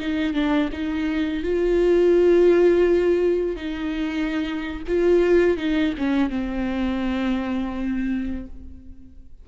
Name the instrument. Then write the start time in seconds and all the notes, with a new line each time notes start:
viola
0.00 D#4
0.34 D4
0.72 D#4
1.43 F4
3.56 D#4
4.88 F4
5.57 D#4
5.98 C#4
6.30 C4